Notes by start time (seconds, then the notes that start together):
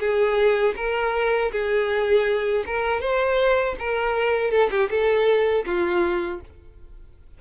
0.00 G#4
0.76 A#4
1.52 G#4
2.67 A#4
3.01 C5
3.79 A#4
4.51 A4
4.71 G4
4.90 A4
5.66 F4